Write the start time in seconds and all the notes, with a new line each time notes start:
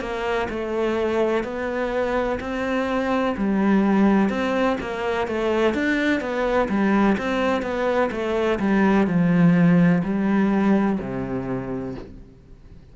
0.00 A#3
0.49 A3
1.43 B3
2.40 C4
3.37 G3
4.29 C4
4.81 A#3
5.27 A3
5.74 D4
6.20 B3
6.69 G3
7.17 C4
7.62 B3
8.11 A3
8.59 G3
9.07 F3
10.03 G3
11.00 C3